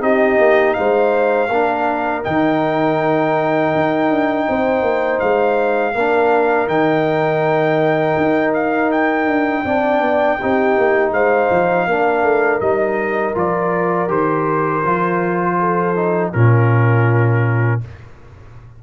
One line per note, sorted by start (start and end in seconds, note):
0.00 0.38 C4
0.00 1.48 D#4
0.00 0.76 G4
0.00 0.73 D#5
0.38 0.75 A#3
0.73 1.49 G#3
0.73 1.49 C5
0.73 2.22 F5
1.49 2.23 A#3
1.49 2.23 D4
1.49 4.46 A#4
2.23 3.75 D#3
2.23 5.93 D#4
2.23 5.19 G5
3.75 4.10 D#4
4.10 4.47 D4
4.49 4.82 C4
4.49 5.94 C5
4.82 5.19 A#3
5.19 5.95 G#3
5.19 6.68 F5
5.94 6.68 A#3
5.94 6.68 D4
5.94 9.65 A#4
6.68 8.16 D#3
6.68 9.65 D#4
6.68 8.54 G5
8.17 9.27 D#4
8.54 8.91 F5
8.91 11.13 G5
9.27 9.64 D4
9.64 10.00 C4
9.64 10.40 D4
9.64 10.39 D5
10.00 10.37 B3
10.41 10.77 C4
10.41 11.90 D#4
10.41 11.13 G4
10.77 11.12 A#3
11.12 11.49 G#3
11.12 11.87 C5
11.12 12.60 F5
11.50 11.87 F3
11.87 12.23 A#3
11.87 12.62 D4
11.87 15.58 A#4
12.23 12.60 A3
12.60 13.35 G3
12.60 13.34 D#4
12.60 13.34 D#5
13.34 14.08 F3
13.34 14.08 F4
13.34 14.10 D5
14.08 14.83 D#3
14.08 14.82 G4
14.08 16.32 C5
14.85 16.33 F3
14.85 15.96 F4
15.59 16.31 A4
15.96 16.33 D#4
16.31 17.83 A#2
16.31 17.81 C#4
16.31 17.79 F4
16.31 17.81 A#4